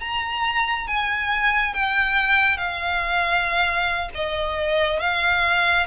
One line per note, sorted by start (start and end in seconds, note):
0.00 0.87 A#5
0.87 1.74 G#5
1.74 2.57 G5
2.57 4.09 F5
4.14 4.99 D#5
4.99 5.86 F5